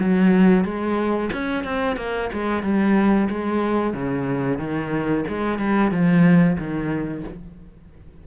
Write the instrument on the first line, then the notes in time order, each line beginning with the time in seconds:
cello
0.00 F#3
0.65 G#3
1.33 C#4
1.64 C4
1.97 A#3
2.33 G#3
2.63 G3
3.30 G#3
3.94 C#3
4.59 D#3
5.28 G#3
5.59 G3
5.92 F3
6.58 D#3